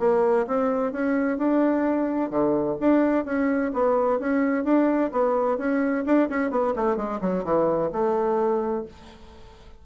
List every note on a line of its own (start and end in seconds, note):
0.00 0.47 A#3
0.47 0.92 C4
0.92 1.38 C#4
1.38 2.31 D4
2.31 2.77 D3
2.81 3.26 D4
3.26 3.72 C#4
3.74 4.20 B3
4.20 4.65 C#4
4.65 5.11 D4
5.12 5.58 B3
5.58 6.05 C#4
6.06 6.29 D4
6.30 6.51 C#4
6.51 6.74 B3
6.76 6.97 A3
6.97 7.20 G#3
7.21 7.44 F#3
7.44 7.91 E3
7.92 8.85 A3